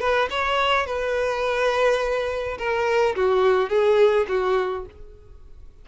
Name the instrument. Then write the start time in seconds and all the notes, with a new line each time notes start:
violin
0.00 B4
0.30 C#5
0.86 B4
2.58 A#4
3.16 F#4
3.69 G#4
4.28 F#4